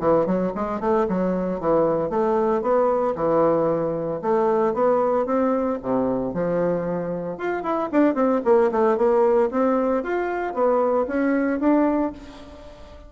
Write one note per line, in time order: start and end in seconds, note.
0.00 0.26 E3
0.26 0.52 F#3
0.55 0.80 G#3
0.80 1.07 A3
1.09 1.60 F#3
1.60 2.10 E3
2.10 2.62 A3
2.62 3.15 B3
3.16 4.21 E3
4.22 4.74 A3
4.74 5.26 B3
5.26 5.79 C4
5.83 6.34 C3
6.34 7.38 F3
7.38 7.63 F4
7.63 7.89 E4
7.92 8.15 D4
8.15 8.41 C4
8.45 8.71 A#3
8.72 8.97 A3
8.97 9.50 A#3
9.51 10.03 C4
10.03 10.54 F4
10.54 11.06 B3
11.08 11.60 C#4
11.60 12.12 D4